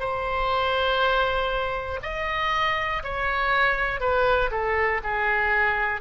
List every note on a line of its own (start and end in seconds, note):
0.00 2.00 C5
2.02 3.02 D#5
3.03 4.00 C#5
4.00 4.50 B4
4.51 5.01 A4
5.03 6.01 G#4